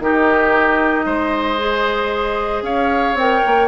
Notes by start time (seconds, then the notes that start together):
0.00 D#3 D#4 G4 D#5
1.06 G#3 C5
1.58 G#4
2.62 C#4 C#5 F5
3.14 C4 A#4 G5
3.46 A#3